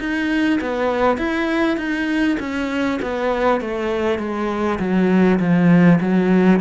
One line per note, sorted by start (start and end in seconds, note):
0.00 0.60 D#4
0.61 1.18 B3
1.18 1.77 E4
1.77 2.37 D#4
2.40 3.00 C#4
3.02 3.61 B3
3.61 4.19 A3
4.19 4.79 G#3
4.79 5.39 F#3
5.39 5.99 F3
6.01 6.61 F#3